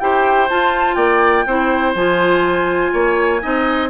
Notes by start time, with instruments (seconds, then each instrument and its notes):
0.00 bassoon E4, clarinet G4, oboe C5, flute G5
0.49 clarinet F4, bassoon F4, flute A5
0.95 bassoon A#3, oboe D5, flute G5
1.46 bassoon C4, clarinet E4, oboe C5
1.95 bassoon F3, clarinet F4, flute G#5
2.93 bassoon A#3, oboe C#5
3.41 bassoon C4, clarinet D#4, oboe D#5